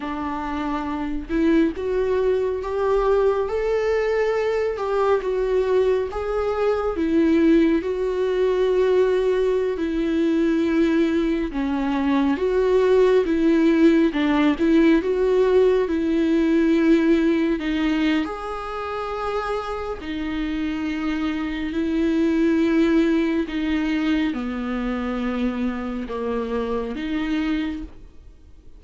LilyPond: \new Staff \with { instrumentName = "viola" } { \time 4/4 \tempo 4 = 69 d'4. e'8 fis'4 g'4 | a'4. g'8 fis'4 gis'4 | e'4 fis'2~ fis'16 e'8.~ | e'4~ e'16 cis'4 fis'4 e'8.~ |
e'16 d'8 e'8 fis'4 e'4.~ e'16~ | e'16 dis'8. gis'2 dis'4~ | dis'4 e'2 dis'4 | b2 ais4 dis'4 | }